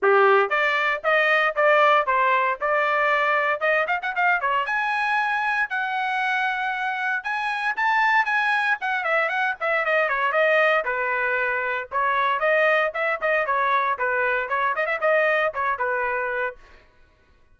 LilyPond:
\new Staff \with { instrumentName = "trumpet" } { \time 4/4 \tempo 4 = 116 g'4 d''4 dis''4 d''4 | c''4 d''2 dis''8 f''16 fis''16 | f''8 cis''8 gis''2 fis''4~ | fis''2 gis''4 a''4 |
gis''4 fis''8 e''8 fis''8 e''8 dis''8 cis''8 | dis''4 b'2 cis''4 | dis''4 e''8 dis''8 cis''4 b'4 | cis''8 dis''16 e''16 dis''4 cis''8 b'4. | }